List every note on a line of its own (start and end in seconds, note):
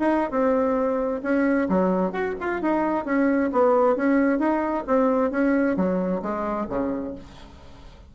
0.00 0.31 D#4
0.31 1.22 C4
1.23 1.69 C#4
1.69 2.13 F#3
2.13 2.36 F#4
2.41 2.62 F4
2.62 3.05 D#4
3.05 3.51 C#4
3.53 3.96 B3
3.96 4.39 C#4
4.39 4.85 D#4
4.87 5.31 C4
5.31 5.77 C#4
5.77 6.23 F#3
6.23 6.68 G#3
6.70 7.15 C#3